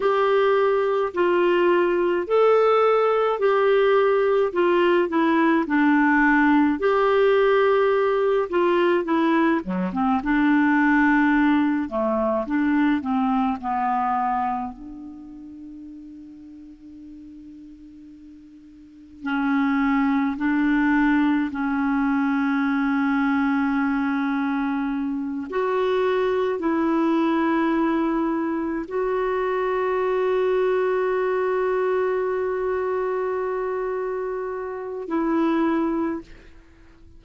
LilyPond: \new Staff \with { instrumentName = "clarinet" } { \time 4/4 \tempo 4 = 53 g'4 f'4 a'4 g'4 | f'8 e'8 d'4 g'4. f'8 | e'8 fis16 c'16 d'4. a8 d'8 c'8 | b4 d'2.~ |
d'4 cis'4 d'4 cis'4~ | cis'2~ cis'8 fis'4 e'8~ | e'4. fis'2~ fis'8~ | fis'2. e'4 | }